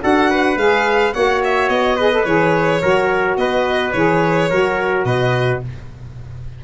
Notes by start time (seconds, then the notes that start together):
0.00 D4 F#4 A4 F#5
0.30 B4
0.56 G#3 G#4 F5
1.14 A#3 F#4 C#5 F#5
1.44 E5
1.69 B3 D#5
1.97 G#4 B4
2.13 A4
2.25 E3 G#4 C#5
2.81 F#3 F#4 A#4
3.37 B3 B4 D#5
3.92 E3 G#4 C#5
4.50 F#3 F#4 A#4
5.05 B2 B4 D#5